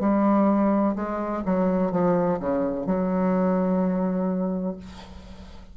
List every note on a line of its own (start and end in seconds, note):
0.00 0.95 G3
0.95 1.43 G#3
1.45 1.91 F#3
1.91 2.39 F3
2.39 2.86 C#3
2.86 4.77 F#3